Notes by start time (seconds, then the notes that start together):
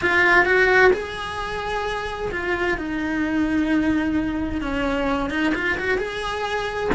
0.01 F4
0.45 F#4
0.92 G#4
2.31 F4
2.77 D#4
4.61 C#4
5.30 D#4
5.54 F4
5.78 F#4
5.98 G#4